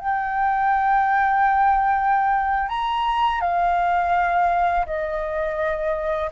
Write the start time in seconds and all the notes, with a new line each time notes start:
0.00 G5
2.69 A#5
3.41 F5
4.86 D#5